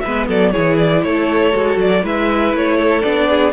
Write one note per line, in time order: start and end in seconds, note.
0.00 0.29 G#3
0.00 0.28 B4
0.00 0.25 E5
0.07 0.53 B3
0.28 0.54 F#3
0.28 0.53 A4
0.28 0.51 D5
0.51 1.53 E4
0.51 1.03 G#4
0.51 0.76 C#5
0.57 1.04 E3
0.78 1.03 D5
1.03 1.54 A3
1.03 2.03 A4
1.03 1.78 C#5
1.53 1.77 G#3
1.53 2.03 F#4
1.77 2.02 F#3
1.77 2.06 D5
2.03 2.53 G#3
2.03 3.03 E4
2.03 2.78 B4
2.03 2.57 E5
2.53 3.03 A3
2.53 3.03 C#5
2.78 3.28 A4
3.03 3.54 B3
3.03 3.53 D4
3.03 3.53 D5
3.30 3.54 G#4